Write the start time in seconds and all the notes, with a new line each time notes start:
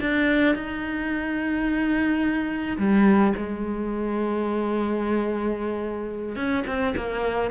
0.00 D4
0.55 D#4
2.78 G3
3.37 G#3
6.36 C#4
6.67 C4
6.96 A#3